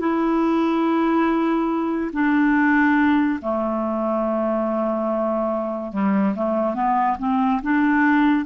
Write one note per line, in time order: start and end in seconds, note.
0.00 2.11 E4
2.13 3.40 D4
3.42 5.93 A3
5.93 6.35 G3
6.36 6.75 A3
6.75 7.17 B3
7.19 7.62 C4
7.63 8.46 D4